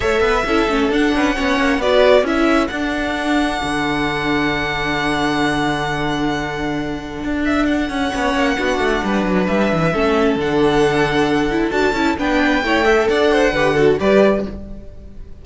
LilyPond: <<
  \new Staff \with { instrumentName = "violin" } { \time 4/4 \tempo 4 = 133 e''2 fis''2 | d''4 e''4 fis''2~ | fis''1~ | fis''1~ |
fis''8 e''8 fis''2.~ | fis''4 e''2 fis''4~ | fis''2 a''4 g''4~ | g''4 fis''2 d''4 | }
  \new Staff \with { instrumentName = "violin" } { \time 4/4 cis''8 b'8 a'4. b'8 cis''4 | b'4 a'2.~ | a'1~ | a'1~ |
a'2 cis''4 fis'4 | b'2 a'2~ | a'2. b'4 | cis''8 e''8 d''8 c''8 b'8 a'8 b'4 | }
  \new Staff \with { instrumentName = "viola" } { \time 4/4 a'4 e'8 cis'8 d'4 cis'4 | fis'4 e'4 d'2~ | d'1~ | d'1~ |
d'2 cis'4 d'4~ | d'2 cis'4 d'4~ | d'4. e'8 fis'8 e'8 d'4 | e'8 a'4. g'8 fis'8 g'4 | }
  \new Staff \with { instrumentName = "cello" } { \time 4/4 a8 b8 cis'8 a8 d'8 cis'8 b8 ais8 | b4 cis'4 d'2 | d1~ | d1 |
d'4. cis'8 b8 ais8 b8 a8 | g8 fis8 g8 e8 a4 d4~ | d2 d'8 cis'8 b4 | a4 d'4 d4 g4 | }
>>